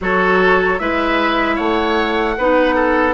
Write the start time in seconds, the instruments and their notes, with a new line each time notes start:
0.00 bassoon F#3, clarinet F#4, oboe A4, flute C#5
0.78 bassoon G#3, clarinet E4, oboe B4, flute E5
1.55 bassoon A3, oboe C#5, flute F#5
2.37 bassoon B3, clarinet D#4, oboe B4
2.75 oboe A4